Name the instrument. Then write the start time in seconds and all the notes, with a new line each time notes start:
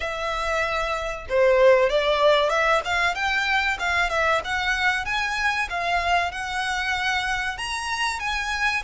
violin
0.00 E5
1.29 C5
1.89 D5
2.49 E5
2.84 F5
3.14 G5
3.79 F5
4.09 E5
4.44 F#5
5.05 G#5
5.69 F5
6.31 F#5
7.57 A#5
8.19 G#5